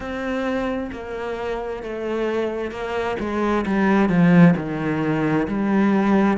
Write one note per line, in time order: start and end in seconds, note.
0.00 0.90 C4
0.91 1.82 A#3
1.82 2.71 A3
2.71 3.16 A#3
3.19 3.65 G#3
3.66 4.09 G3
4.09 4.54 F3
4.56 5.47 D#3
5.47 6.37 G3